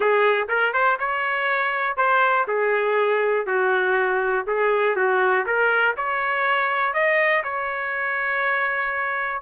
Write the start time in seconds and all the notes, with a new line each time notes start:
0.00 G#4
0.48 A#4
0.73 C5
0.99 C#5
1.97 C5
2.47 G#4
3.46 F#4
4.46 G#4
4.96 F#4
5.45 A#4
5.96 C#5
6.93 D#5
7.43 C#5